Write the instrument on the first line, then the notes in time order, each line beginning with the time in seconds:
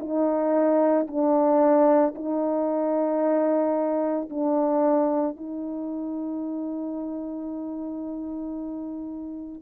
horn
0.00 D#4
1.07 D4
2.15 D#4
4.30 D4
5.37 D#4